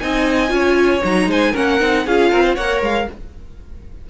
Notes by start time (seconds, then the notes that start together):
0.00 C4 D#4 D#5 G#5
0.48 C#4 F4 C#5
1.03 F#3 D#4 A#5
1.27 G#3 C5 G#5
1.52 A#3 C#4 A#4 F#5
1.80 C4 D#4
2.06 C#4 F4 G#4 F5
2.31 C4 A#4
2.43 C5
2.55 A#3 A#4 C#5 F#5
2.82 G#3 F5